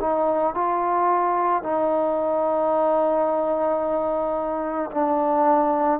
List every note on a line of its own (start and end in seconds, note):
0.00 0.54 D#4
0.54 1.63 F4
1.63 4.90 D#4
4.91 6.00 D4